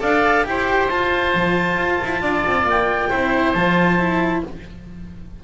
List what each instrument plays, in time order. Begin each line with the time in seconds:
0.00 double bass D4, cello A4, oboe D5, clarinet F5
0.45 double bass E4, cello G4, oboe C5, clarinet G5
0.90 double bass F4, cello F4, clarinet A5
1.35 double bass F3
1.77 double bass F4
2.04 double bass E4
2.22 double bass D4, oboe D5
2.47 double bass C4
2.65 double bass A#3, clarinet G5
3.10 double bass C4, cello E4, oboe C5
3.54 double bass F3, cello F4, clarinet A5
3.99 cello E4